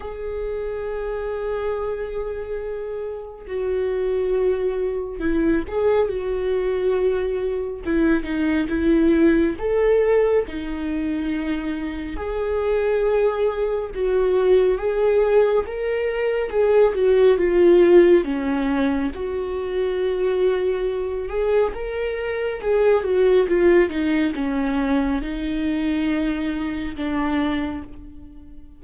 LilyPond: \new Staff \with { instrumentName = "viola" } { \time 4/4 \tempo 4 = 69 gis'1 | fis'2 e'8 gis'8 fis'4~ | fis'4 e'8 dis'8 e'4 a'4 | dis'2 gis'2 |
fis'4 gis'4 ais'4 gis'8 fis'8 | f'4 cis'4 fis'2~ | fis'8 gis'8 ais'4 gis'8 fis'8 f'8 dis'8 | cis'4 dis'2 d'4 | }